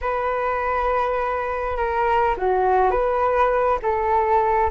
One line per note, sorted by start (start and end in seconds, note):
0.01 1.76 B4
1.76 2.35 A#4
2.37 2.90 F#4
2.90 3.79 B4
3.82 4.70 A4